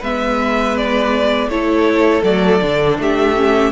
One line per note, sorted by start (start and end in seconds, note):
0.00 1.49 G#3
0.00 1.51 B3
0.00 1.48 B4
0.00 0.77 E5
0.77 1.50 D5
1.49 2.23 A3
1.49 2.23 E4
1.49 2.99 A4
1.49 2.24 C#5
2.23 2.61 F#3
2.23 2.60 A3
2.23 2.98 D5
2.62 2.99 D3
2.62 3.36 D4
2.99 3.72 A3
2.99 3.72 G4
2.99 3.72 E5
3.36 3.72 C#4